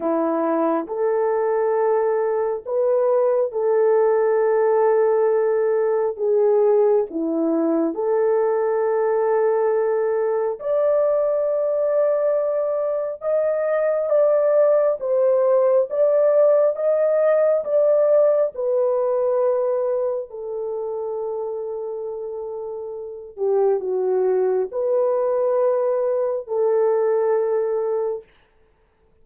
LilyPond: \new Staff \with { instrumentName = "horn" } { \time 4/4 \tempo 4 = 68 e'4 a'2 b'4 | a'2. gis'4 | e'4 a'2. | d''2. dis''4 |
d''4 c''4 d''4 dis''4 | d''4 b'2 a'4~ | a'2~ a'8 g'8 fis'4 | b'2 a'2 | }